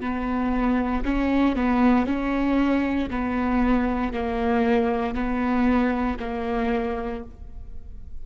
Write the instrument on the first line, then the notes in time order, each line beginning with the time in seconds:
viola
0.00 B3
1.05 C#4
1.56 B3
2.06 C#4
3.10 B3
4.13 A#3
5.14 B3
6.19 A#3